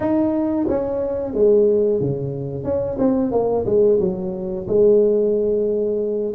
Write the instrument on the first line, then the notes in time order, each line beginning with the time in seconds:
tuba
0.00 D#4
0.68 C#4
1.33 G#3
2.00 C#3
2.64 C#4
2.98 C4
3.32 A#3
3.65 G#3
3.99 F#3
4.67 G#3